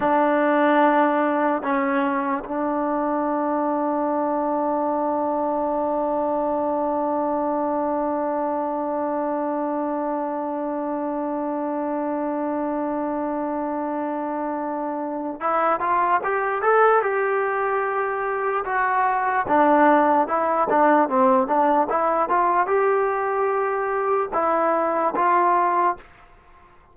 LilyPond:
\new Staff \with { instrumentName = "trombone" } { \time 4/4 \tempo 4 = 74 d'2 cis'4 d'4~ | d'1~ | d'1~ | d'1~ |
d'2. e'8 f'8 | g'8 a'8 g'2 fis'4 | d'4 e'8 d'8 c'8 d'8 e'8 f'8 | g'2 e'4 f'4 | }